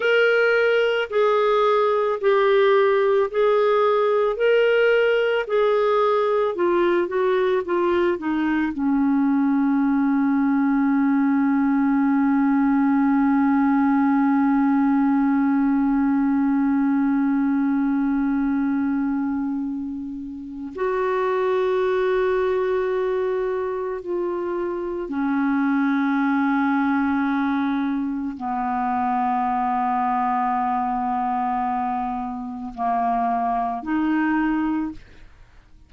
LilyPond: \new Staff \with { instrumentName = "clarinet" } { \time 4/4 \tempo 4 = 55 ais'4 gis'4 g'4 gis'4 | ais'4 gis'4 f'8 fis'8 f'8 dis'8 | cis'1~ | cis'1~ |
cis'2. fis'4~ | fis'2 f'4 cis'4~ | cis'2 b2~ | b2 ais4 dis'4 | }